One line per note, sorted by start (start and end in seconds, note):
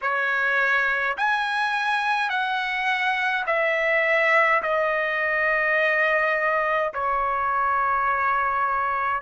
0.01 1.16 C#5
1.17 2.29 G#5
2.29 3.45 F#5
3.46 4.62 E5
4.62 6.93 D#5
6.93 9.21 C#5